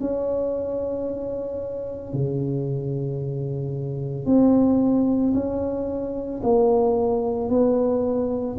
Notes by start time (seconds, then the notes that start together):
0.00 C#4
2.13 C#3
4.26 C4
5.34 C#4
6.43 A#3
7.50 B3